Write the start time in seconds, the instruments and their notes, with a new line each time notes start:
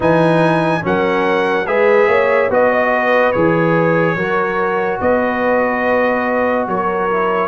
0.00 tuba E3, trombone D#4, horn B4, trumpet G#5
0.82 tuba F#3, trombone C#4, horn A#4, trumpet F#5
1.66 tuba G#3, trombone G#4, horn B4, trumpet E5
2.07 tuba A#3, horn C#5
2.49 tuba B3, trombone F#4, horn B4, trumpet D#5
2.70 horn D#5
2.94 horn B4
3.32 tuba E3, trombone G#4, trumpet C#5
4.15 tuba F#3, trombone F#4, horn A#4
5.00 tuba B3, horn B4, trumpet D#5
6.67 tuba F#3, horn A#4, trumpet C#5
7.10 trombone E4